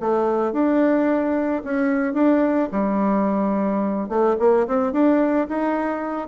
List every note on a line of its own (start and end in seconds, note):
0.00 0.53 A3
0.53 1.63 D4
1.64 2.14 C#4
2.14 2.69 D4
2.72 4.09 G3
4.09 4.36 A3
4.39 4.67 A#3
4.68 4.93 C4
4.93 5.48 D4
5.49 6.29 D#4